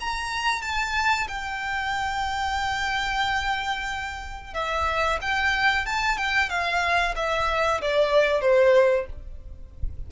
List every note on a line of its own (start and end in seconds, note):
0.00 0.62 A#5
0.62 1.27 A5
1.27 4.54 G5
4.54 5.19 E5
5.21 5.86 G5
5.86 6.17 A5
6.17 6.49 G5
6.49 7.14 F5
7.15 7.81 E5
7.81 8.41 D5
8.41 9.06 C5